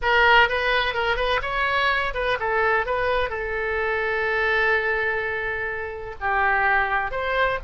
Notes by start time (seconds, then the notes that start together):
0.02 A#4
0.48 B4
0.94 A#4
1.16 B4
1.42 C#5
2.14 B4
2.39 A4
2.86 B4
3.29 A4
6.20 G4
7.11 C5